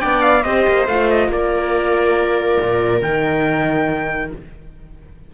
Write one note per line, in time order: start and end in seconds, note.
0.00 0.45 B3
0.00 0.43 D4
0.00 0.43 D5
0.00 0.22 G5
0.22 0.43 F5
0.43 0.66 C4
0.43 0.88 G4
0.43 1.29 C5
0.43 0.87 D#5
0.67 0.87 A#3
0.87 1.28 A3
0.87 3.03 F4
0.87 1.10 F5
1.10 1.31 D#5
1.28 2.57 A#3
1.28 4.34 A#4
1.28 3.02 D5
2.61 3.02 A#2
3.02 4.31 D#3
3.02 4.33 D#4
3.02 4.32 G5